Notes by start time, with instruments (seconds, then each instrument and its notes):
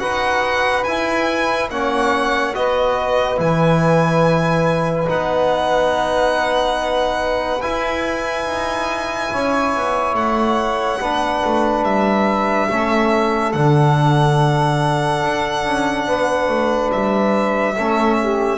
0.00 double bass D#4, trombone F#4, saxophone B4, violin F#5
0.84 double bass E4, trombone E4, violin G#5
1.70 double bass A#3, trombone C#4, saxophone C#5, violin F#5
2.54 double bass B3, trombone F#4, saxophone B4, violin D#5
3.37 double bass E3, trombone E4, violin G#5
5.06 double bass B3, trombone D#4, violin F#5
7.62 trombone E4, double bass E4, violin G#5
8.46 double bass D#4
9.33 double bass C#4, saxophone C#5
9.76 double bass B3
10.14 double bass A3, violin F#5
10.99 double bass B3, trombone D4, saxophone B4
11.45 double bass A3
11.83 double bass G3, violin E5
12.70 double bass A3, trombone C#4, saxophone A4
13.53 double bass D3, trombone D4, violin F#5
15.23 double bass D4
15.66 double bass C#4
16.07 double bass B3, saxophone B4
16.49 double bass A3
16.92 double bass G3, violin E5
17.75 double bass A3, trombone C#4, saxophone A4
18.22 saxophone G4